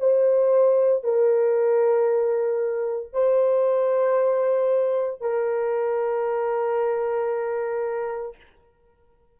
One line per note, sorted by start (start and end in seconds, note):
0.00 1.04 C5
1.04 3.13 A#4
3.13 5.21 C5
5.21 8.37 A#4